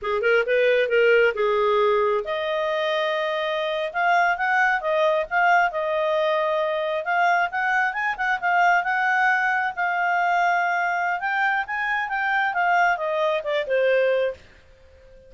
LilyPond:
\new Staff \with { instrumentName = "clarinet" } { \time 4/4 \tempo 4 = 134 gis'8 ais'8 b'4 ais'4 gis'4~ | gis'4 dis''2.~ | dis''8. f''4 fis''4 dis''4 f''16~ | f''8. dis''2. f''16~ |
f''8. fis''4 gis''8 fis''8 f''4 fis''16~ | fis''4.~ fis''16 f''2~ f''16~ | f''4 g''4 gis''4 g''4 | f''4 dis''4 d''8 c''4. | }